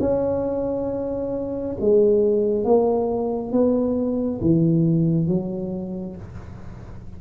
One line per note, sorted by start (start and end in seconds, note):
0.00 1.76 C#4
1.80 2.64 G#3
2.64 3.52 A#3
3.52 4.40 B3
4.41 5.27 E3
5.27 6.16 F#3